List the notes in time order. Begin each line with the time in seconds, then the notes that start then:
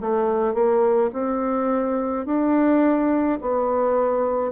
0.00 A3
0.54 A#3
1.12 C4
2.25 D4
3.41 B3